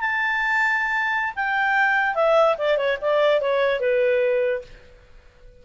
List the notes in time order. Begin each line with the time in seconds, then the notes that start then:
0.00 A5
1.35 G5
2.14 E5
2.58 D5
2.77 C#5
3.01 D5
3.41 C#5
3.80 B4